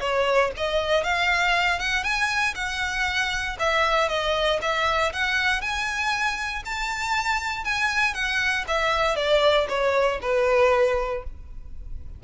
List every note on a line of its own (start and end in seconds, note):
0.00 0.51 C#5
0.56 1.03 D#5
1.03 1.79 F5
1.79 2.03 F#5
2.03 2.54 G#5
2.55 3.56 F#5
3.59 4.08 E5
4.08 4.59 D#5
4.61 5.12 E5
5.12 5.61 F#5
5.61 6.63 G#5
6.65 7.64 A5
7.64 8.14 G#5
8.14 8.64 F#5
8.67 9.16 E5
9.16 9.67 D5
9.68 10.19 C#5
10.21 11.23 B4